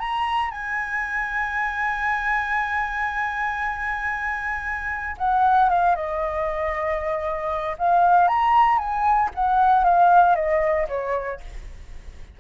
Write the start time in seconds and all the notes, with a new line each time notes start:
0.00 A#5
0.51 G#5
5.18 F#5
5.70 F5
5.96 D#5
7.79 F5
8.28 A#5
8.79 G#5
9.35 F#5
9.85 F5
10.36 D#5
10.89 C#5